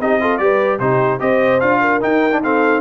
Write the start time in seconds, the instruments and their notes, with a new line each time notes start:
0.00 tuba C4, trombone D#4, horn G4, trumpet D#5
0.21 trombone F4, horn A4
0.38 tuba G3, trombone G4, horn B4, trumpet D5
0.80 tuba C3, trombone D#4, horn G4, trumpet C5
1.20 tuba C4, trombone G4, horn C5, trumpet D#5
1.60 tuba D4, trombone F4, trumpet F5
1.81 horn A#4
2.01 trombone D#4, tuba D#4, trumpet G5
2.32 trombone D4
2.44 trombone C4, horn A4, trumpet F5